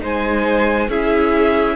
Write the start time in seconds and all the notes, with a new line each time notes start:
0.00 G#3 D#4 C5 G#5
0.89 C#4 E4 G#4 E5